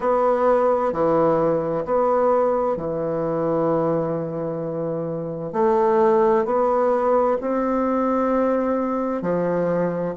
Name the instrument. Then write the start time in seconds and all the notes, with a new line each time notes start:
bassoon
0.00 B3
0.92 E3
1.85 B3
2.77 E3
5.53 A3
6.44 B3
7.41 C4
9.22 F3